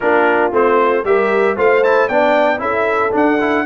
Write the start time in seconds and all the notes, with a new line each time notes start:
0.00 A#3 D4 F4 A#4
0.51 A3 C4 C5
1.03 G3 G4 A#4 E5
1.56 A3 F4 C5 F5
1.83 E4 A5
2.08 B3 D4 D5 G5
2.58 C#4 E4 A4 E5
3.11 D4 F#5
3.40 E4